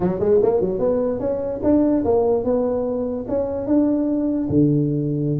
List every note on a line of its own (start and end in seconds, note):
0.00 0.19 F#3
0.19 0.40 G#3
0.42 0.60 A#3
0.60 0.79 F#3
0.79 1.19 B3
1.19 1.60 C#4
1.63 2.04 D4
2.04 2.44 A#3
2.44 3.25 B3
3.28 3.66 C#4
3.66 4.48 D4
4.49 5.40 D3